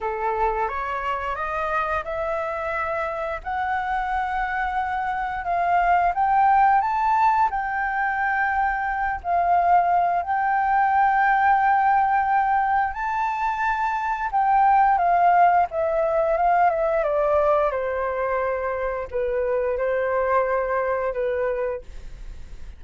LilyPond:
\new Staff \with { instrumentName = "flute" } { \time 4/4 \tempo 4 = 88 a'4 cis''4 dis''4 e''4~ | e''4 fis''2. | f''4 g''4 a''4 g''4~ | g''4. f''4. g''4~ |
g''2. a''4~ | a''4 g''4 f''4 e''4 | f''8 e''8 d''4 c''2 | b'4 c''2 b'4 | }